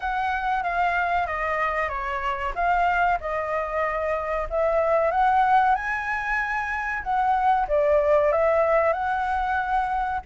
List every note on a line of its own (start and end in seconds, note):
0.00 0.63 F#5
0.63 1.26 F5
1.26 1.88 D#5
1.88 2.52 C#5
2.55 3.19 F5
3.20 4.47 D#5
4.49 5.11 E5
5.11 5.74 F#5
5.75 7.02 G#5
7.03 7.67 F#5
7.68 8.32 D5
8.32 8.92 E5
8.92 10.20 F#5